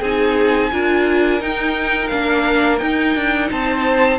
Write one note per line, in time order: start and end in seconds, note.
0.00 0.71 C4
0.00 0.72 D#4
0.00 0.70 G#4
0.00 1.42 G#5
0.72 1.41 D4
0.72 1.40 F4
0.72 3.51 A#4
1.40 2.10 D#4
1.40 2.11 D#4
1.40 2.08 G5
2.08 2.81 A#3
2.08 2.80 D4
2.08 2.77 F5
2.78 4.19 D#4
2.78 3.16 D#4
2.78 3.48 G5
3.16 3.50 D4
3.51 4.19 C4
3.51 4.19 C5
3.51 4.19 A5